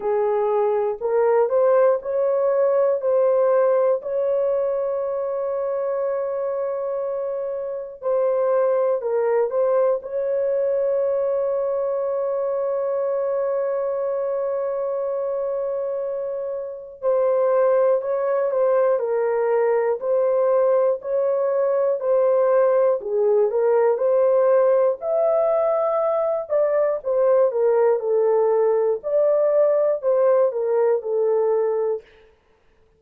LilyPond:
\new Staff \with { instrumentName = "horn" } { \time 4/4 \tempo 4 = 60 gis'4 ais'8 c''8 cis''4 c''4 | cis''1 | c''4 ais'8 c''8 cis''2~ | cis''1~ |
cis''4 c''4 cis''8 c''8 ais'4 | c''4 cis''4 c''4 gis'8 ais'8 | c''4 e''4. d''8 c''8 ais'8 | a'4 d''4 c''8 ais'8 a'4 | }